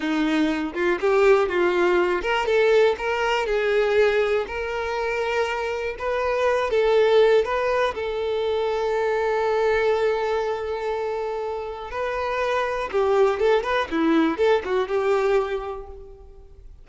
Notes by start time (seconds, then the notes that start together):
0.00 D#4
0.74 F4
1.00 G4
1.49 F4
2.22 A#4
2.46 A4
2.98 A#4
3.46 G#4
4.47 A#4
5.98 B4
6.70 A4
7.44 B4
7.95 A4
11.91 B4
12.91 G4
13.39 A4
13.63 B4
13.90 E4
14.37 A4
14.64 F#4
14.88 G4